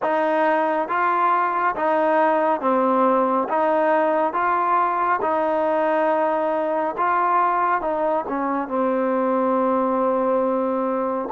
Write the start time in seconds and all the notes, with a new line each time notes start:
0.02 D#4
0.88 F4
1.75 D#4
2.60 C4
3.48 D#4
4.33 F4
5.21 D#4
6.97 F4
7.81 D#4
8.28 C#4
8.68 C4